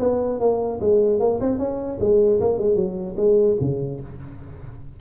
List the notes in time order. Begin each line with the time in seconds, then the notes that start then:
0.00 B3
0.40 A#3
0.81 G#3
1.20 A#3
1.41 C4
1.59 C#4
2.01 G#3
2.41 A#3
2.59 G#3
2.76 F#3
3.17 G#3
3.61 C#3